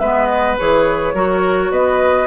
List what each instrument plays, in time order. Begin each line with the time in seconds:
0.00 bassoon G#3, clarinet B3, oboe B4, flute E5
0.27 flute D#5
0.59 bassoon E3, clarinet G#4, flute C#5
1.14 bassoon F#3, clarinet F#4, oboe A#4
1.71 bassoon B3, oboe B4, flute D#5